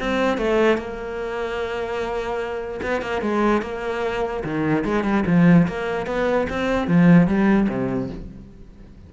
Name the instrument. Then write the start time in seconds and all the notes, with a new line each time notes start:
cello
0.00 C4
0.38 A3
0.78 A#3
2.83 B3
3.02 A#3
3.22 G#3
3.62 A#3
4.44 D#3
4.85 G#3
5.04 G3
5.27 F3
5.68 A#3
6.07 B3
6.50 C4
6.88 F3
7.27 G3
7.69 C3